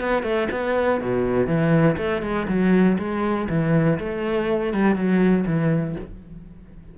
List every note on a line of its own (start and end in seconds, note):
0.00 0.23 B3
0.23 0.47 A3
0.51 1.00 B3
1.01 1.47 B2
1.47 1.96 E3
1.97 2.22 A3
2.22 2.47 G#3
2.48 2.97 F#3
2.98 3.48 G#3
3.49 3.98 E3
3.99 4.73 A3
4.73 4.95 G3
4.95 5.45 F#3
5.46 5.95 E3